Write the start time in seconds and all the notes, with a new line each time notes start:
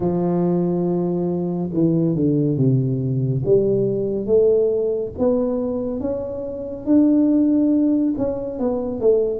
0.00 F3
1.73 E3
2.15 D3
2.57 C3
3.45 G3
4.26 A3
5.18 B3
6.00 C#4
6.85 D4
8.17 C#4
8.59 B3
9.00 A3